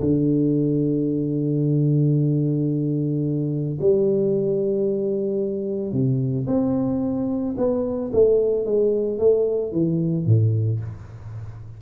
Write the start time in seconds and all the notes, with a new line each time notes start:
0.00 D3
3.80 G3
5.92 C3
6.47 C4
7.57 B3
8.13 A3
8.65 G#3
9.18 A3
9.72 E3
10.26 A2